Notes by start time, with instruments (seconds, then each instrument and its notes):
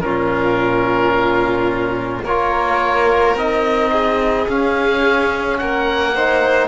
0.00 cello A#2, trombone C#4, violin F4, oboe A#4
2.23 cello A#3, trombone F4, violin A#4, oboe C#5
3.34 cello C4, trombone D#4, oboe D#5
3.92 violin G#4
4.48 trombone C#4, cello C#4, oboe F5
5.58 cello A#3, violin A#4, oboe F#5
6.14 trombone D#4, violin C5